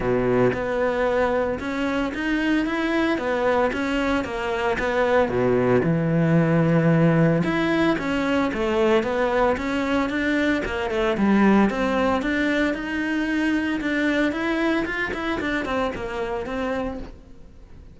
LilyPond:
\new Staff \with { instrumentName = "cello" } { \time 4/4 \tempo 4 = 113 b,4 b2 cis'4 | dis'4 e'4 b4 cis'4 | ais4 b4 b,4 e4~ | e2 e'4 cis'4 |
a4 b4 cis'4 d'4 | ais8 a8 g4 c'4 d'4 | dis'2 d'4 e'4 | f'8 e'8 d'8 c'8 ais4 c'4 | }